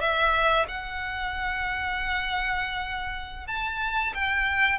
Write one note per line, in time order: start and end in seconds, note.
0.00 0.66 E5
0.68 3.47 F#5
3.47 4.13 A5
4.14 4.78 G5